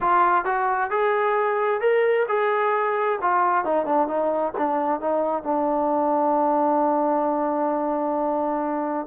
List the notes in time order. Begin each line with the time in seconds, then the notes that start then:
0.00 F4
0.44 F#4
0.90 G#4
1.81 A#4
2.28 G#4
3.21 F4
3.65 D#4
3.85 D4
4.07 D#4
4.57 D4
5.00 D#4
5.43 D4